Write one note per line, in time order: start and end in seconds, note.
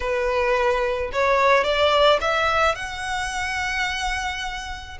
0.00 1.11 B4
1.12 1.64 C#5
1.64 2.19 D5
2.20 2.75 E5
2.75 4.97 F#5